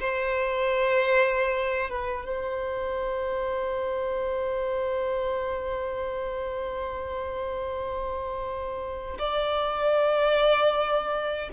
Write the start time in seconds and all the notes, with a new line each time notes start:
0.00 C5
1.90 B4
2.26 C5
9.19 D5